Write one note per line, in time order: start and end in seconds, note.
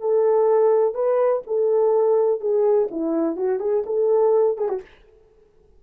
0.00 0.94 A4
0.94 1.42 B4
1.46 2.40 A4
2.40 2.88 G#4
2.91 3.36 E4
3.36 3.60 F#4
3.60 3.84 G#4
3.86 4.57 A4
4.57 4.69 G#4
4.69 4.81 F#4